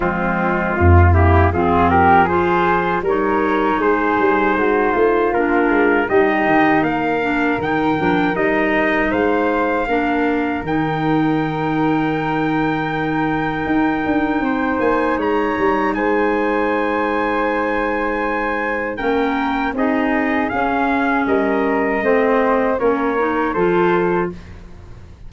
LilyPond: <<
  \new Staff \with { instrumentName = "trumpet" } { \time 4/4 \tempo 4 = 79 f'4. g'8 gis'8 ais'8 c''4 | cis''4 c''2 ais'4 | dis''4 f''4 g''4 dis''4 | f''2 g''2~ |
g''2.~ g''8 gis''8 | ais''4 gis''2.~ | gis''4 g''4 dis''4 f''4 | dis''2 cis''4 c''4 | }
  \new Staff \with { instrumentName = "flute" } { \time 4/4 c'4 f'8 e'8 f'8 g'8 gis'4 | ais'4 gis'4 fis'8 f'4. | g'4 ais'2. | c''4 ais'2.~ |
ais'2. c''4 | cis''4 c''2.~ | c''4 ais'4 gis'2 | ais'4 c''4 ais'4 a'4 | }
  \new Staff \with { instrumentName = "clarinet" } { \time 4/4 gis4. ais8 c'4 f'4 | dis'2. d'4 | dis'4. d'8 dis'8 d'8 dis'4~ | dis'4 d'4 dis'2~ |
dis'1~ | dis'1~ | dis'4 cis'4 dis'4 cis'4~ | cis'4 c'4 cis'8 dis'8 f'4 | }
  \new Staff \with { instrumentName = "tuba" } { \time 4/4 f4 f,4 f2 | g4 gis8 g8 gis8 a8 ais8 gis8 | g8 dis8 ais4 dis8 f8 g4 | gis4 ais4 dis2~ |
dis2 dis'8 d'8 c'8 ais8 | gis8 g8 gis2.~ | gis4 ais4 c'4 cis'4 | g4 a4 ais4 f4 | }
>>